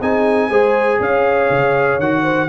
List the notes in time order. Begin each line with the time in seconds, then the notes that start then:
0.00 C4 D#4 G#4 G#5
0.49 G#3 G#4 C5
1.00 C#4 C#5 F5
1.50 C#3
1.99 D#3 F#4 F#5
2.23 C5